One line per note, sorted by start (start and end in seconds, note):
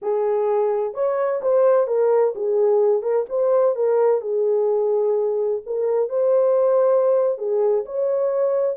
0.01 0.94 G#4
0.94 1.41 C#5
1.41 1.87 C5
1.87 2.34 A#4
2.35 3.02 G#4
3.02 3.25 A#4
3.29 3.75 C5
3.75 4.21 A#4
4.21 5.61 G#4
5.65 6.09 A#4
6.09 7.37 C5
7.37 7.84 G#4
7.85 8.76 C#5